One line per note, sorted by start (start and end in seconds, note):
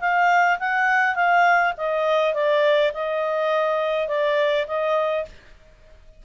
0.00 0.58 F5
0.59 1.15 F#5
1.15 1.73 F5
1.77 2.34 D#5
2.34 2.92 D5
2.93 4.08 D#5
4.08 4.66 D5
4.67 5.25 D#5